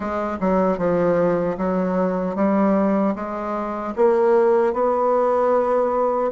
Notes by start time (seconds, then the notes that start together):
0.00 G#3
0.40 F#3
0.78 F3
1.57 F#3
2.35 G3
3.15 G#3
3.95 A#3
4.73 B3